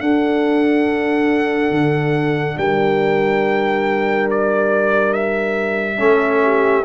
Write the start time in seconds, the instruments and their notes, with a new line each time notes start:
0.00 trombone D4, tuba D4, horn A4, trumpet F#5
1.71 tuba D3
2.58 tuba G3, horn A#4, trumpet G5
4.31 trumpet D5
5.14 trumpet E5
5.97 tuba A3, trombone C#4, horn A4
6.43 horn G4